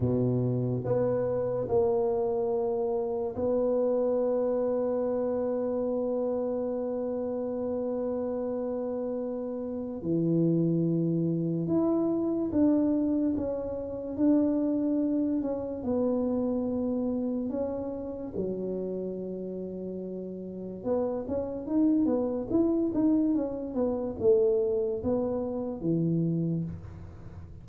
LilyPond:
\new Staff \with { instrumentName = "tuba" } { \time 4/4 \tempo 4 = 72 b,4 b4 ais2 | b1~ | b1 | e2 e'4 d'4 |
cis'4 d'4. cis'8 b4~ | b4 cis'4 fis2~ | fis4 b8 cis'8 dis'8 b8 e'8 dis'8 | cis'8 b8 a4 b4 e4 | }